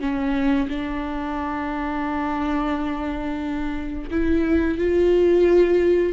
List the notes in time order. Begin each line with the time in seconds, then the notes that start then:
0.00 C#4
0.69 D4
4.11 E4
4.78 F4